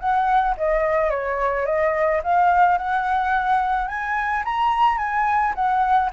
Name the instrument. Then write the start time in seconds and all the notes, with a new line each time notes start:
flute
0.00 F#5
0.57 D#5
1.11 C#5
1.66 D#5
2.23 F5
2.78 F#5
3.88 G#5
4.45 A#5
4.98 G#5
5.55 F#5